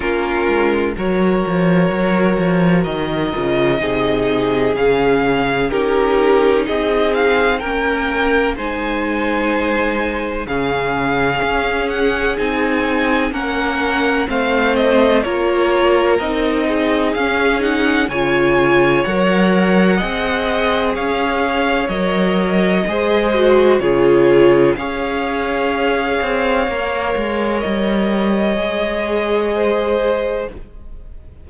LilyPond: <<
  \new Staff \with { instrumentName = "violin" } { \time 4/4 \tempo 4 = 63 ais'4 cis''2 dis''4~ | dis''4 f''4 ais'4 dis''8 f''8 | g''4 gis''2 f''4~ | f''8 fis''8 gis''4 fis''4 f''8 dis''8 |
cis''4 dis''4 f''8 fis''8 gis''4 | fis''2 f''4 dis''4~ | dis''4 cis''4 f''2~ | f''4 dis''2. | }
  \new Staff \with { instrumentName = "violin" } { \time 4/4 f'4 ais'2. | gis'2 g'4 gis'4 | ais'4 c''2 gis'4~ | gis'2 ais'4 c''4 |
ais'4. gis'4. cis''4~ | cis''4 dis''4 cis''2 | c''4 gis'4 cis''2~ | cis''2. c''4 | }
  \new Staff \with { instrumentName = "viola" } { \time 4/4 cis'4 fis'2~ fis'8 f'8 | dis'4 cis'4 dis'2 | cis'4 dis'2 cis'4~ | cis'4 dis'4 cis'4 c'4 |
f'4 dis'4 cis'8 dis'8 f'4 | ais'4 gis'2 ais'4 | gis'8 fis'8 f'4 gis'2 | ais'2 gis'2 | }
  \new Staff \with { instrumentName = "cello" } { \time 4/4 ais8 gis8 fis8 f8 fis8 f8 dis8 cis8 | c4 cis4 cis'4 c'4 | ais4 gis2 cis4 | cis'4 c'4 ais4 a4 |
ais4 c'4 cis'4 cis4 | fis4 c'4 cis'4 fis4 | gis4 cis4 cis'4. c'8 | ais8 gis8 g4 gis2 | }
>>